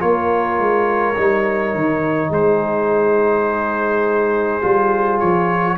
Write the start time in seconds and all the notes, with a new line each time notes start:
0.00 A#3 F4 A#4 C#5
0.59 G#3
1.17 G3 D#4
1.75 D#3
2.30 G#3 G#4 C5
4.62 G3 F4
5.20 F3 C#5